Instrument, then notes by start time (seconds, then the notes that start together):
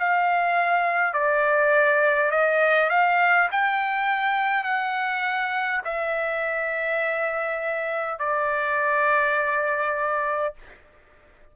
trumpet
0.00 F5
1.14 D5
2.31 D#5
2.90 F5
3.52 G5
4.64 F#5
5.85 E5
8.19 D5